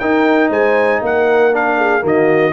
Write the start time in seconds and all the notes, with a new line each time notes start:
0.00 D#4 A#4 G5
0.50 G#3 C5 G#5
1.02 A#3 A#4 F#5
1.53 D4 F5
1.78 G#4
2.01 D#3 A#3 F#4
2.07 D#5